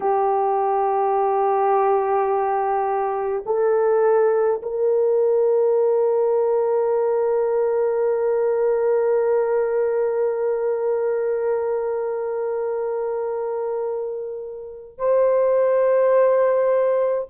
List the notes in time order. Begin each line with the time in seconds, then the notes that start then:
0.00 G4
3.46 A4
4.62 A#4
14.97 C5